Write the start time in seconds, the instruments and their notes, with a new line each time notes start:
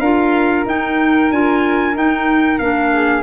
0.00 tuba D4, clarinet F4, flute A#4, trumpet F5
0.66 tuba D#4, clarinet D#4, trumpet G5
1.31 tuba D4, clarinet F4, trumpet G#5
1.95 clarinet D#4, tuba D#4, trumpet G5
2.59 tuba A#3, clarinet D4, trumpet F5
2.94 flute G#4